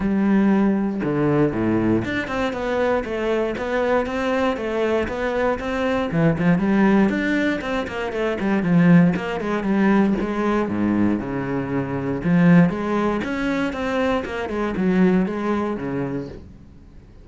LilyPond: \new Staff \with { instrumentName = "cello" } { \time 4/4 \tempo 4 = 118 g2 d4 a,4 | d'8 c'8 b4 a4 b4 | c'4 a4 b4 c'4 | e8 f8 g4 d'4 c'8 ais8 |
a8 g8 f4 ais8 gis8 g4 | gis4 gis,4 cis2 | f4 gis4 cis'4 c'4 | ais8 gis8 fis4 gis4 cis4 | }